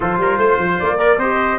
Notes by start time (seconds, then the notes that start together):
0.00 F3 F4 A4 C5
0.18 G3 A#4
0.37 A3 C5
0.58 F3
0.79 A#3 D5
0.98 A#4 D5
1.17 C4 G4 C5 D#5